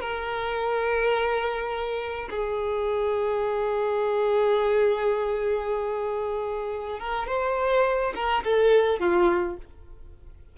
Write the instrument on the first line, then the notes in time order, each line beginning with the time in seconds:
violin
0.00 A#4
2.30 G#4
6.99 A#4
7.27 C5
8.15 A#4
8.44 A4
8.99 F4